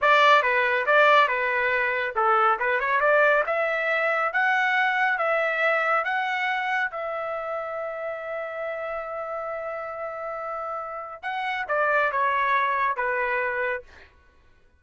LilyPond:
\new Staff \with { instrumentName = "trumpet" } { \time 4/4 \tempo 4 = 139 d''4 b'4 d''4 b'4~ | b'4 a'4 b'8 cis''8 d''4 | e''2 fis''2 | e''2 fis''2 |
e''1~ | e''1~ | e''2 fis''4 d''4 | cis''2 b'2 | }